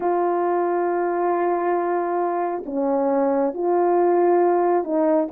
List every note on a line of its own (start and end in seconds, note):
0.00 2.63 F4
2.65 3.53 C#4
3.53 4.84 F4
4.84 5.28 D#4